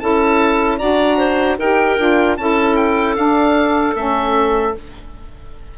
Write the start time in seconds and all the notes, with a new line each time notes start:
0.00 C#4 E4 A4 A5
0.78 D4 F#4 D5 A#5
1.18 C5
1.59 D#4 G4 A#4 G5
1.98 D4 F4
2.38 C#4 E4 A4 A5
2.76 G5
3.16 D4 F5
3.96 A3 C#4 E5